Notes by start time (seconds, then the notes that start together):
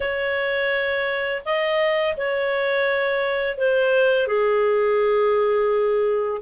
0.00 C#5
1.44 D#5
2.17 C#5
3.57 C5
4.27 G#4